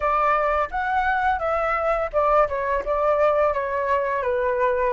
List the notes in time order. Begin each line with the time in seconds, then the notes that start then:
0.00 D5
0.71 F#5
1.39 E5
2.12 D5
2.48 C#5
2.85 D5
3.53 C#5
4.22 B4